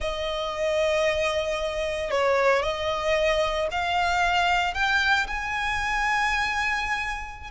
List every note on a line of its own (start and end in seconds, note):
0.00 2.10 D#5
2.10 2.62 C#5
2.62 3.67 D#5
3.71 4.74 F5
4.74 5.26 G5
5.27 7.50 G#5